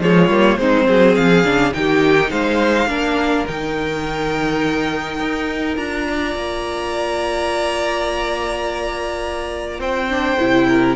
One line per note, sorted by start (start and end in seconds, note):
0.00 0.28 F3
0.00 0.30 G#3
0.00 0.59 F4
0.00 0.58 C#5
0.28 0.56 G3
0.28 0.58 A#3
0.57 0.86 G#3
0.57 1.44 C4
0.57 0.87 D#4
0.57 1.16 C5
0.87 1.18 F#3
0.87 1.74 G#4
1.16 1.44 F3
1.16 1.73 F5
1.44 1.73 C#3
1.44 1.73 D4
1.73 2.31 D#3
1.73 2.88 D#4
1.73 2.30 G4
1.73 2.31 G5
2.30 2.87 G#3
2.30 2.88 C5
2.30 3.46 F5
2.87 3.44 A#3
2.87 3.46 D4
2.87 6.08 A#4
3.47 5.20 D#3
3.47 5.76 D#4
3.47 5.77 G5
5.20 5.77 D#4
5.76 6.35 D4
5.76 10.09 F4
5.76 9.81 A#5
6.09 9.80 D5
6.36 9.79 A#3
9.79 10.36 C4
9.79 10.67 C5
9.79 10.96 G5
10.09 10.38 D4
10.38 10.96 C3
10.38 10.96 E4
10.68 10.96 A#4